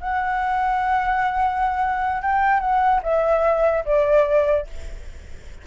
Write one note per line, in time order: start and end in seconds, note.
0.00 2.22 F#5
2.22 2.60 G5
2.60 3.01 F#5
3.03 3.84 E5
3.85 4.67 D5